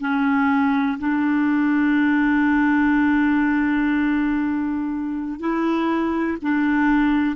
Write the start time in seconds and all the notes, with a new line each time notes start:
0.00 C#4
0.99 D4
5.40 E4
6.42 D4